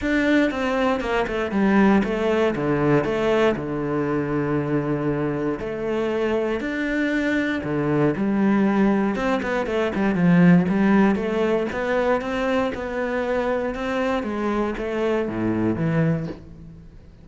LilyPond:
\new Staff \with { instrumentName = "cello" } { \time 4/4 \tempo 4 = 118 d'4 c'4 ais8 a8 g4 | a4 d4 a4 d4~ | d2. a4~ | a4 d'2 d4 |
g2 c'8 b8 a8 g8 | f4 g4 a4 b4 | c'4 b2 c'4 | gis4 a4 a,4 e4 | }